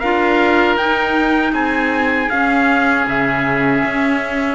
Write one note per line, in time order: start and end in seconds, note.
0.00 0.77 D4
0.00 0.79 F4
0.00 1.52 A#4
0.00 0.76 F5
0.77 1.53 D#4
0.77 2.31 D#4
0.77 1.54 G5
1.53 2.29 C4
1.53 4.56 G#4
1.53 2.30 G#5
2.30 4.56 C#4
2.30 3.07 C#4
2.30 3.06 F5
3.07 3.83 C#3
3.07 4.56 E5
3.85 4.56 C#4